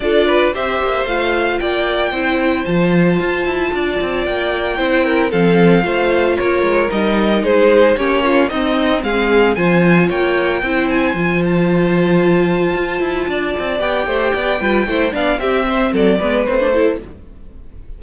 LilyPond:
<<
  \new Staff \with { instrumentName = "violin" } { \time 4/4 \tempo 4 = 113 d''4 e''4 f''4 g''4~ | g''4 a''2. | g''2 f''2 | cis''4 dis''4 c''4 cis''4 |
dis''4 f''4 gis''4 g''4~ | g''8 gis''4 a''2~ a''8~ | a''2 g''2~ | g''8 f''8 e''4 d''4 c''4 | }
  \new Staff \with { instrumentName = "violin" } { \time 4/4 a'8 b'8 c''2 d''4 | c''2. d''4~ | d''4 c''8 ais'8 a'4 c''4 | ais'2 gis'4 g'8 f'8 |
dis'4 gis'4 c''4 cis''4 | c''1~ | c''4 d''4. c''8 d''8 b'8 | c''8 d''8 g'8 c''8 a'8 b'4 a'8 | }
  \new Staff \with { instrumentName = "viola" } { \time 4/4 f'4 g'4 f'2 | e'4 f'2.~ | f'4 e'4 c'4 f'4~ | f'4 dis'2 cis'4 |
c'2 f'2 | e'4 f'2.~ | f'2 g'4. f'8 | e'8 d'8 c'4. b8 c'16 d'16 e'8 | }
  \new Staff \with { instrumentName = "cello" } { \time 4/4 d'4 c'8 ais8 a4 ais4 | c'4 f4 f'8 e'8 d'8 c'8 | ais4 c'4 f4 a4 | ais8 gis8 g4 gis4 ais4 |
c'4 gis4 f4 ais4 | c'4 f2. | f'8 e'8 d'8 c'8 b8 a8 b8 g8 | a8 b8 c'4 fis8 gis8 a4 | }
>>